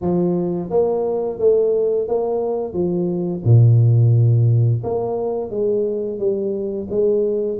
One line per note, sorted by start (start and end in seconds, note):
0.01 0.70 F3
0.70 1.39 A#3
1.39 2.08 A3
2.08 2.73 A#3
2.73 3.42 F3
3.44 4.82 A#2
4.83 5.50 A#3
5.50 6.18 G#3
6.18 6.87 G3
6.90 7.59 G#3